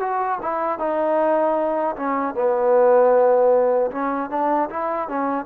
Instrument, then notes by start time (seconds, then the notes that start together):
trombone
0.00 F#4
0.42 E4
0.79 D#4
1.96 C#4
2.35 B3
3.91 C#4
4.30 D4
4.70 E4
5.09 C#4